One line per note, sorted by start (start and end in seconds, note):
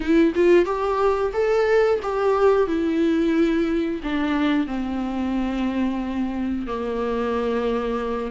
0.00 0.33 E4
0.35 0.65 F4
0.65 1.32 G4
1.33 1.99 A4
2.02 2.67 G4
2.67 4.00 E4
4.03 4.66 D4
4.66 6.66 C4
6.67 8.31 A#3